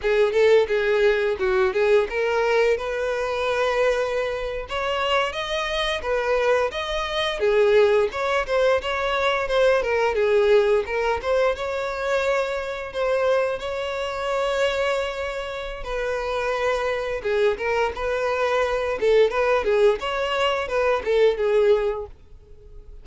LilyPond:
\new Staff \with { instrumentName = "violin" } { \time 4/4 \tempo 4 = 87 gis'8 a'8 gis'4 fis'8 gis'8 ais'4 | b'2~ b'8. cis''4 dis''16~ | dis''8. b'4 dis''4 gis'4 cis''16~ | cis''16 c''8 cis''4 c''8 ais'8 gis'4 ais'16~ |
ais'16 c''8 cis''2 c''4 cis''16~ | cis''2. b'4~ | b'4 gis'8 ais'8 b'4. a'8 | b'8 gis'8 cis''4 b'8 a'8 gis'4 | }